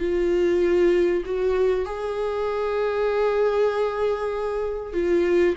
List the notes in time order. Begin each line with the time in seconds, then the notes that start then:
0.00 F4
1.25 F#4
1.86 G#4
4.93 F4